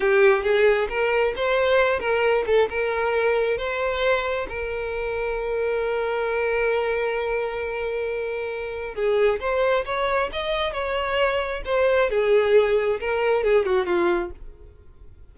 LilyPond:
\new Staff \with { instrumentName = "violin" } { \time 4/4 \tempo 4 = 134 g'4 gis'4 ais'4 c''4~ | c''8 ais'4 a'8 ais'2 | c''2 ais'2~ | ais'1~ |
ais'1 | gis'4 c''4 cis''4 dis''4 | cis''2 c''4 gis'4~ | gis'4 ais'4 gis'8 fis'8 f'4 | }